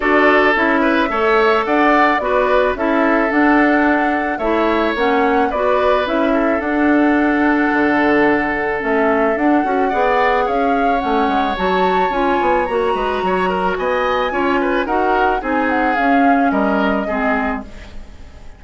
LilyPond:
<<
  \new Staff \with { instrumentName = "flute" } { \time 4/4 \tempo 4 = 109 d''4 e''2 fis''4 | d''4 e''4 fis''2 | e''4 fis''4 d''4 e''4 | fis''1 |
e''4 fis''2 f''4 | fis''4 a''4 gis''4 ais''4~ | ais''4 gis''2 fis''4 | gis''8 fis''8 f''4 dis''2 | }
  \new Staff \with { instrumentName = "oboe" } { \time 4/4 a'4. b'8 cis''4 d''4 | b'4 a'2. | cis''2 b'4. a'8~ | a'1~ |
a'2 d''4 cis''4~ | cis''2.~ cis''8 b'8 | cis''8 ais'8 dis''4 cis''8 b'8 ais'4 | gis'2 ais'4 gis'4 | }
  \new Staff \with { instrumentName = "clarinet" } { \time 4/4 fis'4 e'4 a'2 | fis'4 e'4 d'2 | e'4 cis'4 fis'4 e'4 | d'1 |
cis'4 d'8 fis'8 gis'2 | cis'4 fis'4 f'4 fis'4~ | fis'2 f'4 fis'4 | dis'4 cis'2 c'4 | }
  \new Staff \with { instrumentName = "bassoon" } { \time 4/4 d'4 cis'4 a4 d'4 | b4 cis'4 d'2 | a4 ais4 b4 cis'4 | d'2 d2 |
a4 d'8 cis'8 b4 cis'4 | a8 gis8 fis4 cis'8 b8 ais8 gis8 | fis4 b4 cis'4 dis'4 | c'4 cis'4 g4 gis4 | }
>>